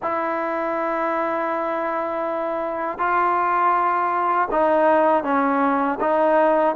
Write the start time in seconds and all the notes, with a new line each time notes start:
0.02 E4
2.98 F4
4.51 D#4
5.23 C#4
6.00 D#4